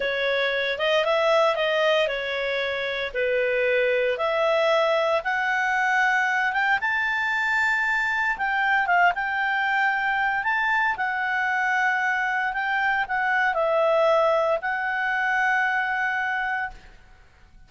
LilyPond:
\new Staff \with { instrumentName = "clarinet" } { \time 4/4 \tempo 4 = 115 cis''4. dis''8 e''4 dis''4 | cis''2 b'2 | e''2 fis''2~ | fis''8 g''8 a''2. |
g''4 f''8 g''2~ g''8 | a''4 fis''2. | g''4 fis''4 e''2 | fis''1 | }